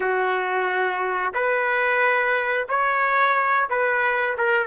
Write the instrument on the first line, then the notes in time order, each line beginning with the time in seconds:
trumpet
0.00 F#4
1.34 B4
2.68 C#5
3.69 B4
4.37 A#4